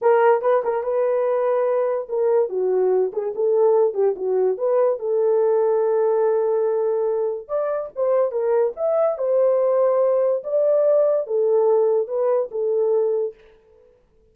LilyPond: \new Staff \with { instrumentName = "horn" } { \time 4/4 \tempo 4 = 144 ais'4 b'8 ais'8 b'2~ | b'4 ais'4 fis'4. gis'8 | a'4. g'8 fis'4 b'4 | a'1~ |
a'2 d''4 c''4 | ais'4 e''4 c''2~ | c''4 d''2 a'4~ | a'4 b'4 a'2 | }